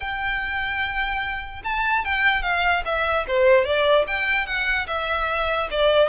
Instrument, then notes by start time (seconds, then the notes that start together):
violin
0.00 G5
1.64 A5
2.05 G5
2.42 F5
2.85 E5
3.27 C5
3.64 D5
4.07 G5
4.46 F#5
4.87 E5
5.70 D5